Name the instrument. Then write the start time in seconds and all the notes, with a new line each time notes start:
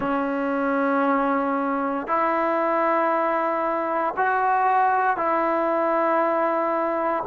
trombone
0.00 C#4
2.07 E4
4.17 F#4
5.16 E4